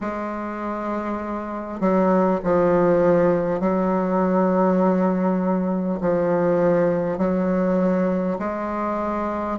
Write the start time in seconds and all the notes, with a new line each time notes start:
0.00 G#3
1.80 F#3
2.43 F3
3.59 F#3
6.00 F3
7.17 F#3
8.38 G#3